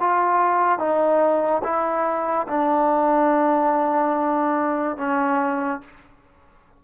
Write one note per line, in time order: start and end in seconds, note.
0.00 0.79 F4
0.79 1.62 D#4
1.64 2.47 E4
2.48 4.97 D4
4.97 5.81 C#4